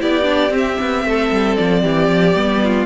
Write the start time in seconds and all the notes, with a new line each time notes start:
0.00 B3 E4 G4 D5
0.23 D4
0.50 C4
0.57 E5
0.80 B3
1.04 A3 A4
1.31 G3
1.56 F3 D5
1.82 E3 G4
2.08 F3
2.35 G3 B3
2.63 F4